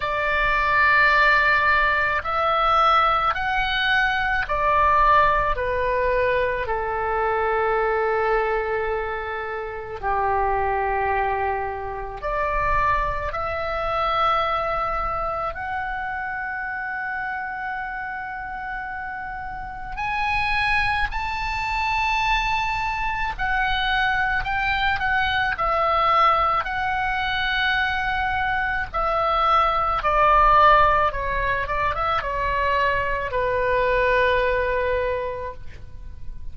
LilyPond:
\new Staff \with { instrumentName = "oboe" } { \time 4/4 \tempo 4 = 54 d''2 e''4 fis''4 | d''4 b'4 a'2~ | a'4 g'2 d''4 | e''2 fis''2~ |
fis''2 gis''4 a''4~ | a''4 fis''4 g''8 fis''8 e''4 | fis''2 e''4 d''4 | cis''8 d''16 e''16 cis''4 b'2 | }